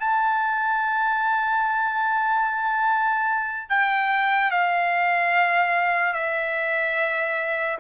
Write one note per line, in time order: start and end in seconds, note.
0.00 3.69 A5
3.69 4.51 G5
4.51 6.14 F5
6.14 7.78 E5